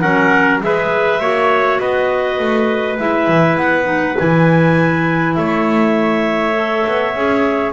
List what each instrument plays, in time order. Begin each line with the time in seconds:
0.00 double bass F#3, clarinet C#4 F#5, trumpet A#4
0.61 double bass G#3, clarinet G#4 E5, trumpet B4
1.20 double bass A#3, clarinet F#4, trumpet C#5
1.80 double bass B3, trumpet B4, clarinet D#5
2.39 double bass A3
2.99 double bass G#3, clarinet E4 E5
3.28 double bass E3
3.57 double bass B3, clarinet F#5
3.84 clarinet D#4
4.18 double bass E3, clarinet E4 G#5
5.35 double bass A3, trumpet C#5, clarinet E5
6.54 clarinet A4
6.87 double bass B3
7.15 double bass C#4, clarinet G#4